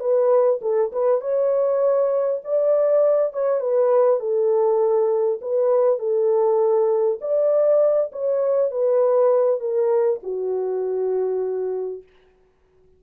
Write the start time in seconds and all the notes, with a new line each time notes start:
0.00 B4
0.62 A4
0.92 B4
1.21 C#5
2.44 D5
3.33 C#5
3.60 B4
4.20 A4
5.42 B4
5.99 A4
7.21 D5
8.12 C#5
8.71 B4
9.60 A#4
10.23 F#4